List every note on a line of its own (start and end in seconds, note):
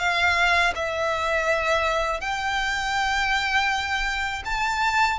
0.00 0.74 F5
0.75 2.21 E5
2.21 4.43 G5
4.45 5.19 A5